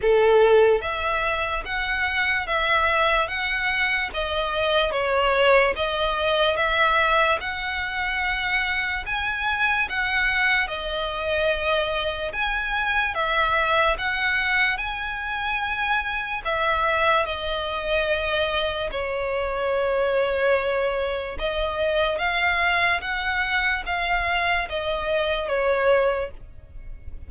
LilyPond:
\new Staff \with { instrumentName = "violin" } { \time 4/4 \tempo 4 = 73 a'4 e''4 fis''4 e''4 | fis''4 dis''4 cis''4 dis''4 | e''4 fis''2 gis''4 | fis''4 dis''2 gis''4 |
e''4 fis''4 gis''2 | e''4 dis''2 cis''4~ | cis''2 dis''4 f''4 | fis''4 f''4 dis''4 cis''4 | }